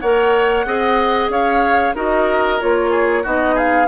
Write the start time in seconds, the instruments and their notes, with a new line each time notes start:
0.00 bassoon A#3, clarinet A#4, oboe C#5, flute F#5
0.66 bassoon C4, clarinet G#4, oboe D#5
1.29 bassoon C#4, oboe C#5, flute F5
1.95 bassoon D#4, clarinet F#4, oboe A#4, flute D#5
2.60 bassoon A#3, clarinet F4, flute C#5
2.91 oboe G#4
3.23 bassoon B3, clarinet D#4, oboe F#4, flute D#5
3.55 oboe G#4, flute F5